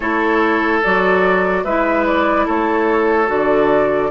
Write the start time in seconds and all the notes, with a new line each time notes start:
0.00 A3 E4 A4 C#5
0.83 F#3 F#4 D5
1.64 G#3 E4 B4 E5
2.06 D5
2.46 A3 A4 C#5
3.27 D3 F#4 D5